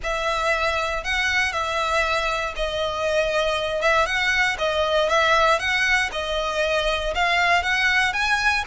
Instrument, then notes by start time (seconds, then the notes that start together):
violin
0.03 E5
1.04 F#5
1.52 E5
2.56 D#5
3.81 E5
4.05 F#5
4.58 D#5
5.09 E5
5.59 F#5
6.12 D#5
7.14 F5
7.62 F#5
8.13 G#5